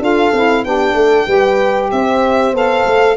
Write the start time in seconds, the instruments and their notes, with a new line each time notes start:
0.00 tuba D4, saxophone F4, horn A4, violin F5
0.33 tuba C4, saxophone E4
0.64 tuba B3, saxophone D4, horn G4, violin G5
0.94 tuba A3, horn A4
1.27 tuba G3, saxophone G4, horn B4
1.92 tuba C4, horn C5, violin E5
2.53 tuba B3, saxophone A4, violin F5
2.86 tuba A3